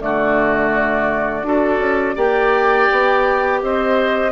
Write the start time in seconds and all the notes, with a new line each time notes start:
0.00 D3 A3 F#4 D5
1.42 D4 F#4 A4
1.79 C#4
2.16 A#3 G4 D5 G5
2.92 B3
3.62 C4 C5 D#5